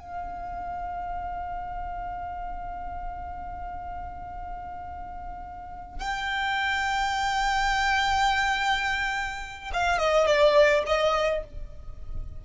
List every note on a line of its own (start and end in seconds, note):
0.00 6.00 F5
6.00 9.71 G5
9.74 9.99 F5
9.99 10.27 D#5
10.27 10.84 D5
10.87 11.44 D#5